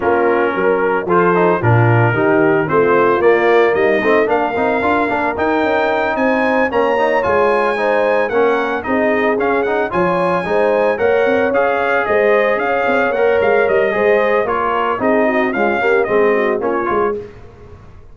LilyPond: <<
  \new Staff \with { instrumentName = "trumpet" } { \time 4/4 \tempo 4 = 112 ais'2 c''4 ais'4~ | ais'4 c''4 d''4 dis''4 | f''2 g''4. gis''8~ | gis''8 ais''4 gis''2 fis''8~ |
fis''8 dis''4 f''8 fis''8 gis''4.~ | gis''8 fis''4 f''4 dis''4 f''8~ | f''8 fis''8 f''8 dis''4. cis''4 | dis''4 f''4 dis''4 cis''4 | }
  \new Staff \with { instrumentName = "horn" } { \time 4/4 f'4 ais'4 a'4 f'4 | g'4 f'2 dis'4 | ais'2.~ ais'8 c''8~ | c''8 cis''2 c''4 ais'8~ |
ais'8 gis'2 cis''4 c''8~ | c''8 cis''2 c''4 cis''8~ | cis''2 c''4 ais'4 | gis'8 fis'8 f'8 g'8 gis'8 fis'8 f'4 | }
  \new Staff \with { instrumentName = "trombone" } { \time 4/4 cis'2 f'8 dis'8 d'4 | dis'4 c'4 ais4. c'8 | d'8 dis'8 f'8 d'8 dis'2~ | dis'8 cis'8 dis'8 f'4 dis'4 cis'8~ |
cis'8 dis'4 cis'8 dis'8 f'4 dis'8~ | dis'8 ais'4 gis'2~ gis'8~ | gis'8 ais'4. gis'4 f'4 | dis'4 gis8 ais8 c'4 cis'8 f'8 | }
  \new Staff \with { instrumentName = "tuba" } { \time 4/4 ais4 fis4 f4 ais,4 | dis4 a4 ais4 g8 a8 | ais8 c'8 d'8 ais8 dis'8 cis'4 c'8~ | c'8 ais4 gis2 ais8~ |
ais8 c'4 cis'4 f4 gis8~ | gis8 ais8 c'8 cis'4 gis4 cis'8 | c'8 ais8 gis8 g8 gis4 ais4 | c'4 cis'4 gis4 ais8 gis8 | }
>>